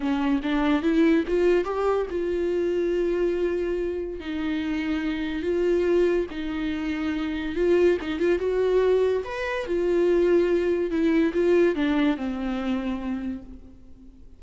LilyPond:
\new Staff \with { instrumentName = "viola" } { \time 4/4 \tempo 4 = 143 cis'4 d'4 e'4 f'4 | g'4 f'2.~ | f'2 dis'2~ | dis'4 f'2 dis'4~ |
dis'2 f'4 dis'8 f'8 | fis'2 b'4 f'4~ | f'2 e'4 f'4 | d'4 c'2. | }